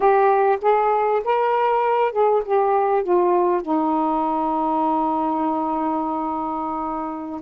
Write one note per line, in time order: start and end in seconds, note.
0.00 0.58 G4
0.61 1.22 G#4
1.24 2.12 A#4
2.12 2.42 G#4
2.45 3.03 G4
3.03 3.61 F4
3.61 7.40 D#4